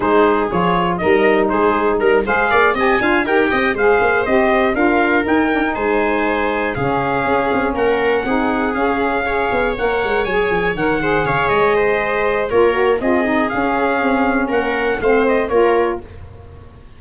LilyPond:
<<
  \new Staff \with { instrumentName = "trumpet" } { \time 4/4 \tempo 4 = 120 c''4 cis''4 dis''4 c''4 | ais'8 f''4 gis''4 g''4 f''8~ | f''8 dis''4 f''4 g''4 gis''8~ | gis''4. f''2 fis''8~ |
fis''4. f''2 fis''8~ | fis''8 gis''4 fis''4 f''8 dis''4~ | dis''4 cis''4 dis''4 f''4~ | f''4 fis''4 f''8 dis''8 cis''4 | }
  \new Staff \with { instrumentName = "viola" } { \time 4/4 gis'2 ais'4 gis'4 | ais'8 c''8 d''8 dis''8 f''8 ais'8 dis''8 c''8~ | c''4. ais'2 c''8~ | c''4. gis'2 ais'8~ |
ais'8 gis'2 cis''4.~ | cis''2 c''8 cis''4 c''8~ | c''4 ais'4 gis'2~ | gis'4 ais'4 c''4 ais'4 | }
  \new Staff \with { instrumentName = "saxophone" } { \time 4/4 dis'4 f'4 dis'2~ | dis'8 gis'4 g'8 f'8 g'4 gis'8~ | gis'8 g'4 f'4 dis'8 d'16 dis'8.~ | dis'4. cis'2~ cis'8~ |
cis'8 dis'4 cis'4 gis'4 ais'8~ | ais'8 gis'4 ais'8 gis'2~ | gis'4 f'8 fis'8 f'8 dis'8 cis'4~ | cis'2 c'4 f'4 | }
  \new Staff \with { instrumentName = "tuba" } { \time 4/4 gis4 f4 g4 gis4 | g8 gis8 ais8 c'8 d'8 dis'8 c'8 gis8 | ais8 c'4 d'4 dis'4 gis8~ | gis4. cis4 cis'8 c'8 ais8~ |
ais8 c'4 cis'4. b8 ais8 | gis8 fis8 f8 dis4 cis8 gis4~ | gis4 ais4 c'4 cis'4 | c'4 ais4 a4 ais4 | }
>>